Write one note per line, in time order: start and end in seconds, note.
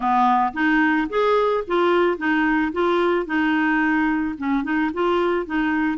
0.00 0.52 B3
0.53 1.07 D#4
1.09 1.63 G#4
1.67 2.17 F4
2.17 2.72 D#4
2.72 3.26 F4
3.26 4.35 D#4
4.38 4.63 C#4
4.63 4.90 D#4
4.93 5.46 F4
5.46 5.98 D#4